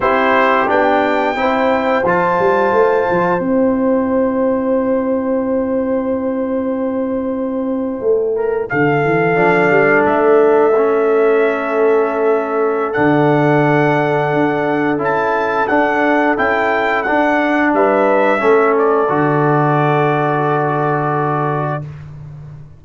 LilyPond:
<<
  \new Staff \with { instrumentName = "trumpet" } { \time 4/4 \tempo 4 = 88 c''4 g''2 a''4~ | a''4 g''2.~ | g''1~ | g''8. f''2 e''4~ e''16~ |
e''2. fis''4~ | fis''2 a''4 fis''4 | g''4 fis''4 e''4. d''8~ | d''1 | }
  \new Staff \with { instrumentName = "horn" } { \time 4/4 g'2 c''2~ | c''1~ | c''1~ | c''16 ais'8 a'2.~ a'16~ |
a'1~ | a'1~ | a'2 b'4 a'4~ | a'1 | }
  \new Staff \with { instrumentName = "trombone" } { \time 4/4 e'4 d'4 e'4 f'4~ | f'4 e'2.~ | e'1~ | e'4.~ e'16 d'2 cis'16~ |
cis'2. d'4~ | d'2 e'4 d'4 | e'4 d'2 cis'4 | fis'1 | }
  \new Staff \with { instrumentName = "tuba" } { \time 4/4 c'4 b4 c'4 f8 g8 | a8 f8 c'2.~ | c'2.~ c'8. a16~ | a8. d8 e8 f8 g8 a4~ a16~ |
a2. d4~ | d4 d'4 cis'4 d'4 | cis'4 d'4 g4 a4 | d1 | }
>>